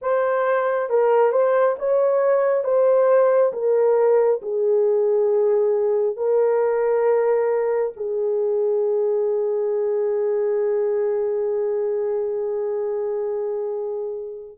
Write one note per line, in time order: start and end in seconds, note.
0.01 0.89 C5
0.89 1.32 A#4
1.32 1.76 C5
1.78 2.64 C#5
2.64 3.52 C5
3.52 4.40 A#4
4.42 6.16 G#4
6.16 7.93 A#4
7.96 14.58 G#4